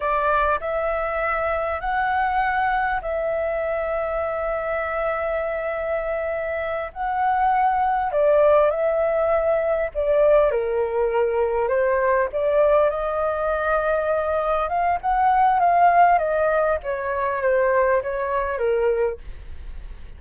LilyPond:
\new Staff \with { instrumentName = "flute" } { \time 4/4 \tempo 4 = 100 d''4 e''2 fis''4~ | fis''4 e''2.~ | e''2.~ e''8 fis''8~ | fis''4. d''4 e''4.~ |
e''8 d''4 ais'2 c''8~ | c''8 d''4 dis''2~ dis''8~ | dis''8 f''8 fis''4 f''4 dis''4 | cis''4 c''4 cis''4 ais'4 | }